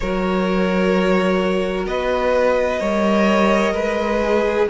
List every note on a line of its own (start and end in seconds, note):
0.00 1.86 F#3
0.00 2.80 F#4
0.00 1.87 A#4
0.00 1.85 C#5
1.86 2.79 B3
1.86 2.79 B4
1.86 4.68 D#5
2.79 3.73 G3
2.79 4.21 A#4
2.79 3.73 C#5
3.73 4.67 G#3
3.73 4.67 B4
4.23 4.69 G#4